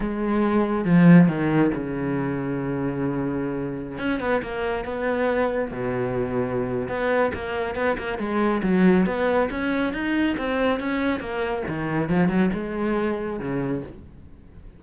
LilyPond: \new Staff \with { instrumentName = "cello" } { \time 4/4 \tempo 4 = 139 gis2 f4 dis4 | cis1~ | cis4~ cis16 cis'8 b8 ais4 b8.~ | b4~ b16 b,2~ b,8. |
b4 ais4 b8 ais8 gis4 | fis4 b4 cis'4 dis'4 | c'4 cis'4 ais4 dis4 | f8 fis8 gis2 cis4 | }